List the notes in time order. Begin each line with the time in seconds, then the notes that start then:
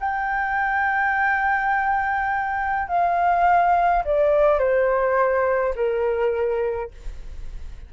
0.00 G5
2.89 F5
4.05 D5
4.59 C5
5.76 A#4